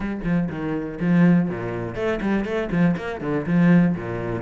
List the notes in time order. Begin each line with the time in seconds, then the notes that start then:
0.00 G3
0.24 F3
0.49 D#3
1.00 F3
1.49 A#2
1.95 A3
2.21 G3
2.44 A3
2.71 F3
2.96 A#3
3.21 D3
3.46 F3
3.95 A#2